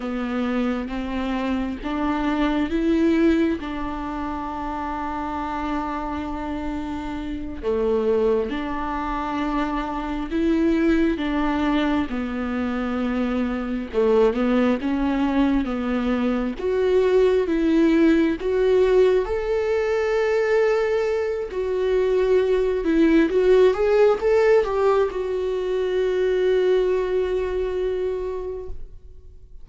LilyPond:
\new Staff \with { instrumentName = "viola" } { \time 4/4 \tempo 4 = 67 b4 c'4 d'4 e'4 | d'1~ | d'8 a4 d'2 e'8~ | e'8 d'4 b2 a8 |
b8 cis'4 b4 fis'4 e'8~ | e'8 fis'4 a'2~ a'8 | fis'4. e'8 fis'8 gis'8 a'8 g'8 | fis'1 | }